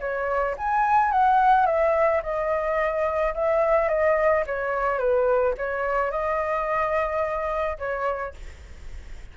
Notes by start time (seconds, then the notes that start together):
0.00 C#5
0.58 G#5
1.12 F#5
1.66 E5
2.23 D#5
3.34 E5
3.88 D#5
4.46 C#5
4.98 B4
5.58 C#5
6.11 D#5
7.79 C#5